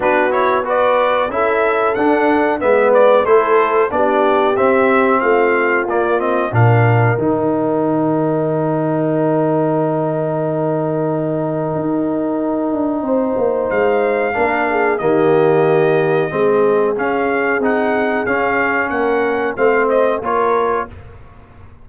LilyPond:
<<
  \new Staff \with { instrumentName = "trumpet" } { \time 4/4 \tempo 4 = 92 b'8 cis''8 d''4 e''4 fis''4 | e''8 d''8 c''4 d''4 e''4 | f''4 d''8 dis''8 f''4 g''4~ | g''1~ |
g''1~ | g''4 f''2 dis''4~ | dis''2 f''4 fis''4 | f''4 fis''4 f''8 dis''8 cis''4 | }
  \new Staff \with { instrumentName = "horn" } { \time 4/4 fis'4 b'4 a'2 | b'4 a'4 g'2 | f'2 ais'2~ | ais'1~ |
ais'1 | c''2 ais'8 gis'8 g'4~ | g'4 gis'2.~ | gis'4 ais'4 c''4 ais'4 | }
  \new Staff \with { instrumentName = "trombone" } { \time 4/4 d'8 e'8 fis'4 e'4 d'4 | b4 e'4 d'4 c'4~ | c'4 ais8 c'8 d'4 dis'4~ | dis'1~ |
dis'1~ | dis'2 d'4 ais4~ | ais4 c'4 cis'4 dis'4 | cis'2 c'4 f'4 | }
  \new Staff \with { instrumentName = "tuba" } { \time 4/4 b2 cis'4 d'4 | gis4 a4 b4 c'4 | a4 ais4 ais,4 dis4~ | dis1~ |
dis2 dis'4. d'8 | c'8 ais8 gis4 ais4 dis4~ | dis4 gis4 cis'4 c'4 | cis'4 ais4 a4 ais4 | }
>>